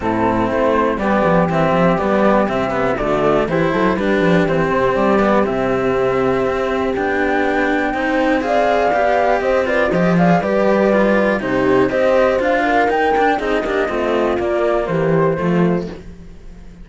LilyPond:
<<
  \new Staff \with { instrumentName = "flute" } { \time 4/4 \tempo 4 = 121 a'4 c''4 d''4 e''4 | d''4 e''4 d''4 c''4 | b'4 c''4 d''4 e''4~ | e''2 g''2~ |
g''4 f''2 dis''8 d''8 | dis''8 f''8 d''2 c''4 | dis''4 f''4 g''4 dis''4~ | dis''4 d''4 c''2 | }
  \new Staff \with { instrumentName = "horn" } { \time 4/4 e'2 g'2~ | g'2 fis'4 g'8 a'8 | g'1~ | g'1 |
c''4 d''2 c''8 b'8 | c''8 d''8 b'2 g'4 | c''4. ais'4. gis'8 g'8 | f'2 g'4 f'4 | }
  \new Staff \with { instrumentName = "cello" } { \time 4/4 c'2 b4 c'4 | b4 c'8 b8 a4 e'4 | d'4 c'4. b8 c'4~ | c'2 d'2 |
dis'4 gis'4 g'4. f'8 | g'8 gis'8 g'4 f'4 dis'4 | g'4 f'4 dis'8 d'8 dis'8 d'8 | c'4 ais2 a4 | }
  \new Staff \with { instrumentName = "cello" } { \time 4/4 a,4 a4 g8 f8 e8 f8 | g4 c4 d4 e8 fis8 | g8 f8 e8 c8 g4 c4~ | c4 c'4 b2 |
c'2 b4 c'4 | f4 g2 c4 | c'4 d'4 dis'8 d'8 c'8 ais8 | a4 ais4 e4 f4 | }
>>